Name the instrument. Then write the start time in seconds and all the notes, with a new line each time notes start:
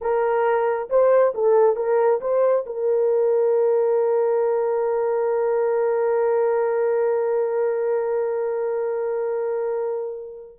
horn
0.01 A#4
0.89 C5
1.34 A4
1.76 A#4
2.21 C5
2.66 A#4